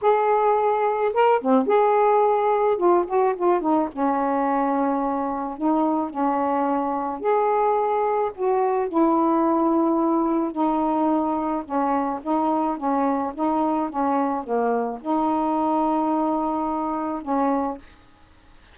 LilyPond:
\new Staff \with { instrumentName = "saxophone" } { \time 4/4 \tempo 4 = 108 gis'2 ais'8 c'8 gis'4~ | gis'4 f'8 fis'8 f'8 dis'8 cis'4~ | cis'2 dis'4 cis'4~ | cis'4 gis'2 fis'4 |
e'2. dis'4~ | dis'4 cis'4 dis'4 cis'4 | dis'4 cis'4 ais4 dis'4~ | dis'2. cis'4 | }